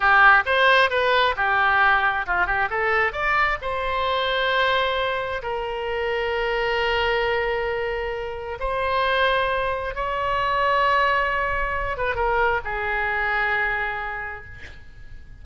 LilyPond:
\new Staff \with { instrumentName = "oboe" } { \time 4/4 \tempo 4 = 133 g'4 c''4 b'4 g'4~ | g'4 f'8 g'8 a'4 d''4 | c''1 | ais'1~ |
ais'2. c''4~ | c''2 cis''2~ | cis''2~ cis''8 b'8 ais'4 | gis'1 | }